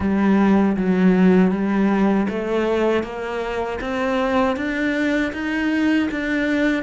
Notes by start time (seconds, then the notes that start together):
0.00 G3
0.77 F#3
1.51 G3
2.28 A3
3.03 A#3
3.80 C4
4.56 D4
5.32 D#4
6.11 D4